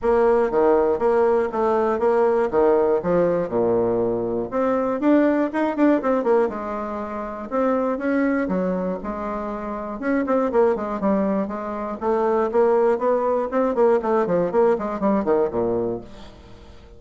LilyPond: \new Staff \with { instrumentName = "bassoon" } { \time 4/4 \tempo 4 = 120 ais4 dis4 ais4 a4 | ais4 dis4 f4 ais,4~ | ais,4 c'4 d'4 dis'8 d'8 | c'8 ais8 gis2 c'4 |
cis'4 fis4 gis2 | cis'8 c'8 ais8 gis8 g4 gis4 | a4 ais4 b4 c'8 ais8 | a8 f8 ais8 gis8 g8 dis8 ais,4 | }